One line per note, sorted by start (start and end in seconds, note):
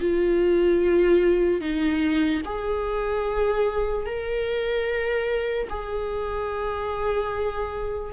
0.00 1.61 F4
1.61 2.42 D#4
2.45 4.06 G#4
4.06 5.68 A#4
5.70 8.13 G#4